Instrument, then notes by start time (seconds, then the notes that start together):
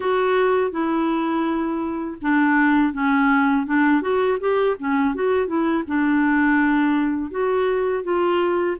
clarinet
0.00 F#4
0.71 E4
2.21 D4
2.93 C#4
3.66 D4
4.01 F#4
4.39 G4
4.79 C#4
5.15 F#4
5.47 E4
5.87 D4
7.30 F#4
8.03 F4